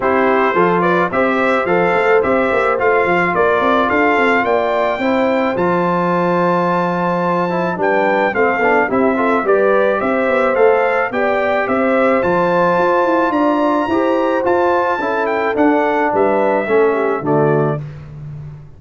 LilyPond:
<<
  \new Staff \with { instrumentName = "trumpet" } { \time 4/4 \tempo 4 = 108 c''4. d''8 e''4 f''4 | e''4 f''4 d''4 f''4 | g''2 a''2~ | a''2 g''4 f''4 |
e''4 d''4 e''4 f''4 | g''4 e''4 a''2 | ais''2 a''4. g''8 | fis''4 e''2 d''4 | }
  \new Staff \with { instrumentName = "horn" } { \time 4/4 g'4 a'8 b'8 c''2~ | c''2 ais'4 a'4 | d''4 c''2.~ | c''2 b'4 a'4 |
g'8 a'8 b'4 c''2 | d''4 c''2. | d''4 c''2 a'4~ | a'4 b'4 a'8 g'8 fis'4 | }
  \new Staff \with { instrumentName = "trombone" } { \time 4/4 e'4 f'4 g'4 a'4 | g'4 f'2.~ | f'4 e'4 f'2~ | f'4. e'8 d'4 c'8 d'8 |
e'8 f'8 g'2 a'4 | g'2 f'2~ | f'4 g'4 f'4 e'4 | d'2 cis'4 a4 | }
  \new Staff \with { instrumentName = "tuba" } { \time 4/4 c'4 f4 c'4 f8 a8 | c'8 ais8 a8 f8 ais8 c'8 d'8 c'8 | ais4 c'4 f2~ | f2 g4 a8 b8 |
c'4 g4 c'8 b8 a4 | b4 c'4 f4 f'8 e'8 | d'4 e'4 f'4 cis'4 | d'4 g4 a4 d4 | }
>>